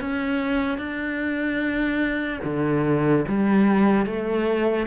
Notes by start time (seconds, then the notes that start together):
0.00 C#4
0.78 D4
2.44 D3
3.28 G3
4.05 A3